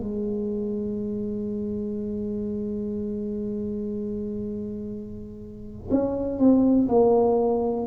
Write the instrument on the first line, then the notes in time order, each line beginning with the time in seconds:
tuba
0.00 G#3
5.91 C#4
6.39 C4
6.89 A#3